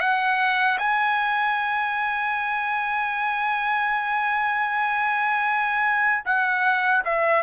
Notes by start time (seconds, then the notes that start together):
0.00 F#5
0.79 G#5
6.25 F#5
7.05 E5